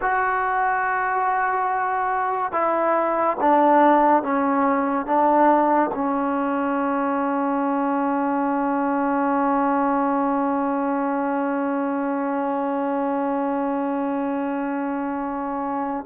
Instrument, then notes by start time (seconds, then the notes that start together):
trombone
0.01 F#4
2.52 E4
3.40 D4
4.23 C#4
5.06 D4
5.94 C#4